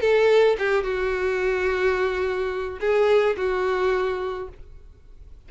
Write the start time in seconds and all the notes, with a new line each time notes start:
0.00 A4
0.58 G4
0.83 F#4
2.80 G#4
3.36 F#4